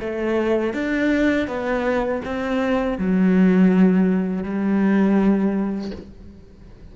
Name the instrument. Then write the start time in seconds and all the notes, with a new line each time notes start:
cello
0.00 A3
0.74 D4
1.48 B3
2.25 C4
2.98 F#3
4.43 G3